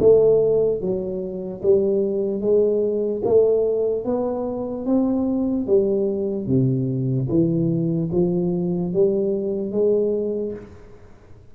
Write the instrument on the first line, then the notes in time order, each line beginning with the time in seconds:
tuba
0.00 A3
0.81 F#3
1.63 G3
2.41 G#3
3.24 A3
4.05 B3
4.86 C4
5.67 G3
6.47 C3
7.29 E3
8.12 F3
8.93 G3
9.71 G#3